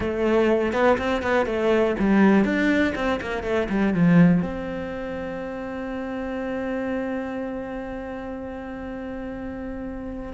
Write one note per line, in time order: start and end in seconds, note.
0.00 0.72 A3
0.72 0.97 B3
0.97 1.22 C4
1.22 1.46 B3
1.46 1.95 A3
1.99 2.44 G3
2.44 2.93 D4
2.95 3.19 C4
3.21 3.43 A#3
3.43 3.68 A3
3.69 3.93 G3
3.94 4.42 F3
4.42 10.32 C4